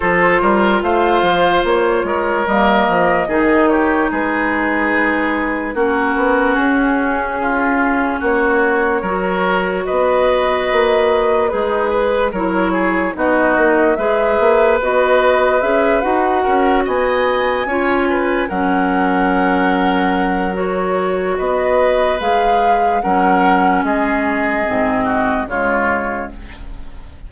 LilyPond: <<
  \new Staff \with { instrumentName = "flute" } { \time 4/4 \tempo 4 = 73 c''4 f''4 cis''4 dis''4~ | dis''8 cis''8 b'2 ais'4 | gis'2 cis''2 | dis''2 b'4 cis''4 |
dis''4 e''4 dis''4 e''8 fis''8~ | fis''8 gis''2 fis''4.~ | fis''4 cis''4 dis''4 f''4 | fis''4 dis''2 cis''4 | }
  \new Staff \with { instrumentName = "oboe" } { \time 4/4 a'8 ais'8 c''4. ais'4. | gis'8 g'8 gis'2 fis'4~ | fis'4 f'4 fis'4 ais'4 | b'2 dis'8 b'8 ais'8 gis'8 |
fis'4 b'2. | ais'8 dis''4 cis''8 b'8 ais'4.~ | ais'2 b'2 | ais'4 gis'4. fis'8 f'4 | }
  \new Staff \with { instrumentName = "clarinet" } { \time 4/4 f'2. ais4 | dis'2. cis'4~ | cis'2. fis'4~ | fis'2 gis'4 e'4 |
dis'4 gis'4 fis'4 gis'8 fis'8~ | fis'4. f'4 cis'4.~ | cis'4 fis'2 gis'4 | cis'2 c'4 gis4 | }
  \new Staff \with { instrumentName = "bassoon" } { \time 4/4 f8 g8 a8 f8 ais8 gis8 g8 f8 | dis4 gis2 ais8 b8 | cis'2 ais4 fis4 | b4 ais4 gis4 fis4 |
b8 ais8 gis8 ais8 b4 cis'8 dis'8 | cis'8 b4 cis'4 fis4.~ | fis2 b4 gis4 | fis4 gis4 gis,4 cis4 | }
>>